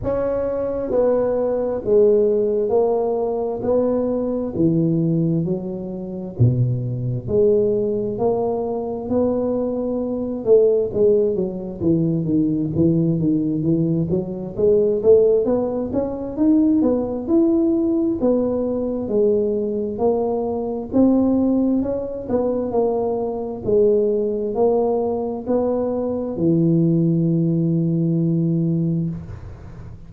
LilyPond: \new Staff \with { instrumentName = "tuba" } { \time 4/4 \tempo 4 = 66 cis'4 b4 gis4 ais4 | b4 e4 fis4 b,4 | gis4 ais4 b4. a8 | gis8 fis8 e8 dis8 e8 dis8 e8 fis8 |
gis8 a8 b8 cis'8 dis'8 b8 e'4 | b4 gis4 ais4 c'4 | cis'8 b8 ais4 gis4 ais4 | b4 e2. | }